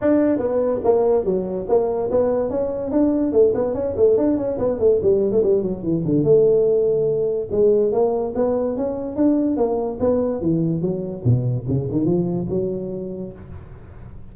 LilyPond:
\new Staff \with { instrumentName = "tuba" } { \time 4/4 \tempo 4 = 144 d'4 b4 ais4 fis4 | ais4 b4 cis'4 d'4 | a8 b8 cis'8 a8 d'8 cis'8 b8 a8 | g8. a16 g8 fis8 e8 d8 a4~ |
a2 gis4 ais4 | b4 cis'4 d'4 ais4 | b4 e4 fis4 b,4 | cis8 dis8 f4 fis2 | }